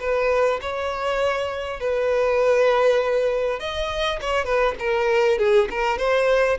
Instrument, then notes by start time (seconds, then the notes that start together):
violin
0.00 B4
0.61 C#5
1.80 B4
3.59 D#5
4.21 C#5
4.45 B4
4.79 A#4
5.38 G#4
5.71 A#4
5.98 C5